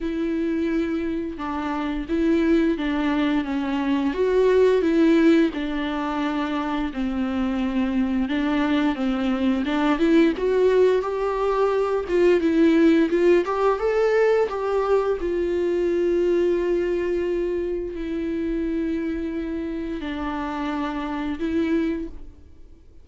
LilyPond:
\new Staff \with { instrumentName = "viola" } { \time 4/4 \tempo 4 = 87 e'2 d'4 e'4 | d'4 cis'4 fis'4 e'4 | d'2 c'2 | d'4 c'4 d'8 e'8 fis'4 |
g'4. f'8 e'4 f'8 g'8 | a'4 g'4 f'2~ | f'2 e'2~ | e'4 d'2 e'4 | }